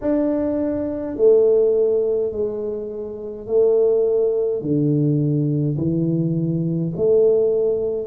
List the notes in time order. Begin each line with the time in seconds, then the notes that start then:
0.01 D4
1.16 A3
2.31 G#3
3.46 A3
4.61 D3
5.77 E3
6.96 A3